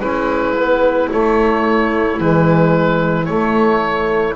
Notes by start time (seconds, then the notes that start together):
0.00 G#3 C#4 E4 B4
0.57 B3
1.10 A3 C#5
2.19 E3 G#3 B4
3.25 A3 C#5